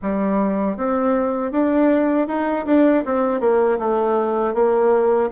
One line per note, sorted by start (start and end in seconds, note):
0.02 0.76 G3
0.76 1.51 C4
1.51 2.27 D4
2.27 2.65 D#4
2.65 3.03 D4
3.05 3.40 C4
3.40 3.78 A#3
3.78 4.54 A3
4.54 5.30 A#3